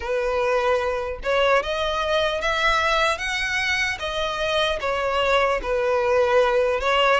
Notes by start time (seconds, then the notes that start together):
0.00 B4
1.23 C#5
1.62 D#5
2.41 E5
3.17 F#5
3.99 D#5
4.80 C#5
5.62 B4
6.80 C#5